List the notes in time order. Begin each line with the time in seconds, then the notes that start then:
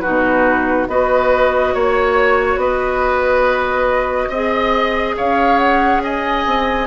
0.00 D#4 F#4 B4
0.07 B2
0.87 B3 F#4 B4 D#5
1.74 A#3 C#5
2.56 B3 B4 D#5
4.29 C4 G#4 D#5
5.16 C#4 C#5 F5
5.58 F#5
6.03 D#5 G#5
6.46 C4